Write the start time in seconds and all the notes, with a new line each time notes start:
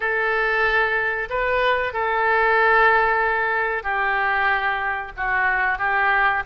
0.00 A4
1.29 B4
1.93 A4
3.83 G4
5.16 F#4
5.78 G4